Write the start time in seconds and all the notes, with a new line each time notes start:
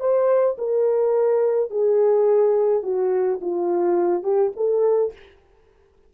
0.00 C5
0.58 A#4
1.71 G#4
2.83 F#4
3.41 F4
4.23 G4
4.56 A4